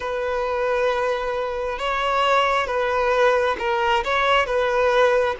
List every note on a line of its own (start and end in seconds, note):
0.00 1.79 B4
1.79 2.66 C#5
2.66 3.56 B4
3.59 4.03 A#4
4.04 4.45 C#5
4.45 5.35 B4